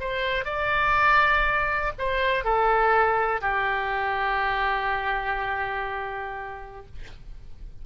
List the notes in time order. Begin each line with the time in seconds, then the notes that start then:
0.00 C5
0.44 D5
1.98 C5
2.44 A4
3.41 G4